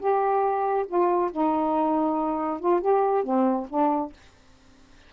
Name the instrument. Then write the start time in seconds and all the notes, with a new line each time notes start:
saxophone
0.00 G4
0.88 F4
1.32 D#4
2.60 F4
2.81 G4
3.24 C4
3.70 D4